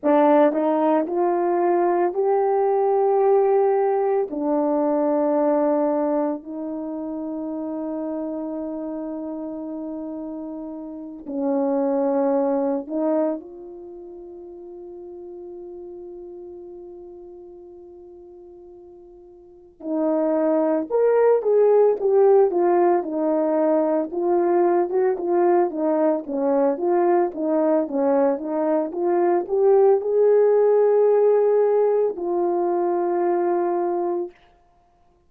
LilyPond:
\new Staff \with { instrumentName = "horn" } { \time 4/4 \tempo 4 = 56 d'8 dis'8 f'4 g'2 | d'2 dis'2~ | dis'2~ dis'8 cis'4. | dis'8 f'2.~ f'8~ |
f'2~ f'8 dis'4 ais'8 | gis'8 g'8 f'8 dis'4 f'8. fis'16 f'8 | dis'8 cis'8 f'8 dis'8 cis'8 dis'8 f'8 g'8 | gis'2 f'2 | }